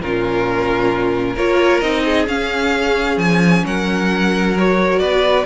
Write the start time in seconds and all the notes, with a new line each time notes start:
0.00 A#2 C#4 F4 A#4
1.34 A#3 F4 A#4 C#5
1.80 C4 D#4 D#5
2.04 G#4
2.26 C#4 F5
3.17 F3 G#5
3.65 F#3 A#4 F#5
4.56 F#4 C#5
4.99 B3 B4 D5